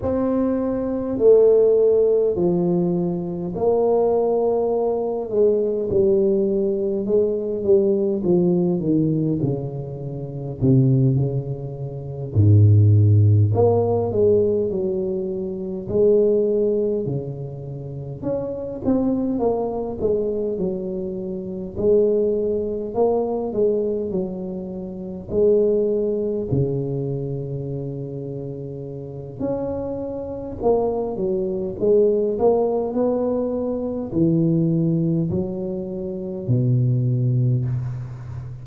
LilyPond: \new Staff \with { instrumentName = "tuba" } { \time 4/4 \tempo 4 = 51 c'4 a4 f4 ais4~ | ais8 gis8 g4 gis8 g8 f8 dis8 | cis4 c8 cis4 gis,4 ais8 | gis8 fis4 gis4 cis4 cis'8 |
c'8 ais8 gis8 fis4 gis4 ais8 | gis8 fis4 gis4 cis4.~ | cis4 cis'4 ais8 fis8 gis8 ais8 | b4 e4 fis4 b,4 | }